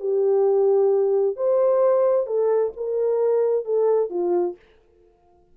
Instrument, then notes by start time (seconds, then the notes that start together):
horn
0.00 G4
1.36 C5
2.27 A4
2.77 A#4
3.65 A4
4.10 F4